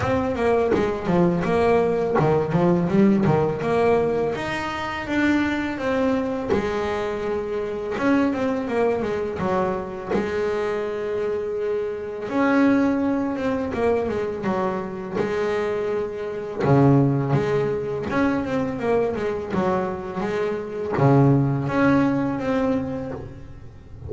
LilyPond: \new Staff \with { instrumentName = "double bass" } { \time 4/4 \tempo 4 = 83 c'8 ais8 gis8 f8 ais4 dis8 f8 | g8 dis8 ais4 dis'4 d'4 | c'4 gis2 cis'8 c'8 | ais8 gis8 fis4 gis2~ |
gis4 cis'4. c'8 ais8 gis8 | fis4 gis2 cis4 | gis4 cis'8 c'8 ais8 gis8 fis4 | gis4 cis4 cis'4 c'4 | }